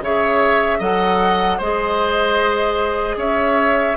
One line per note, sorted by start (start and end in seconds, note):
0.00 0.79 C#3
0.00 0.79 G#4
0.00 0.78 C#5
0.00 0.81 E5
0.78 1.58 F#3
0.78 1.58 A4
0.78 1.57 D#5
0.78 1.60 F#5
1.57 3.16 G#3
1.57 3.96 G#4
1.57 3.15 C5
1.57 3.19 D#5
3.16 3.95 C#4
3.16 3.96 C#5
3.16 3.96 E5